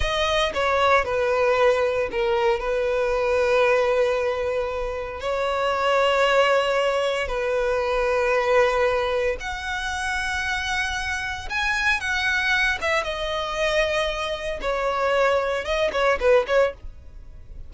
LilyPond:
\new Staff \with { instrumentName = "violin" } { \time 4/4 \tempo 4 = 115 dis''4 cis''4 b'2 | ais'4 b'2.~ | b'2 cis''2~ | cis''2 b'2~ |
b'2 fis''2~ | fis''2 gis''4 fis''4~ | fis''8 e''8 dis''2. | cis''2 dis''8 cis''8 b'8 cis''8 | }